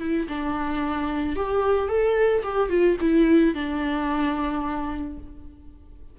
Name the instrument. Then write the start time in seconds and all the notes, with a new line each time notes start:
viola
0.00 E4
0.29 D4
1.36 G4
1.89 A4
2.43 G4
2.70 F4
3.01 E4
3.55 D4